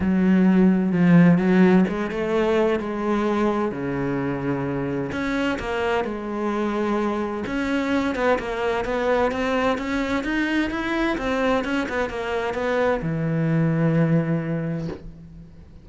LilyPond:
\new Staff \with { instrumentName = "cello" } { \time 4/4 \tempo 4 = 129 fis2 f4 fis4 | gis8 a4. gis2 | cis2. cis'4 | ais4 gis2. |
cis'4. b8 ais4 b4 | c'4 cis'4 dis'4 e'4 | c'4 cis'8 b8 ais4 b4 | e1 | }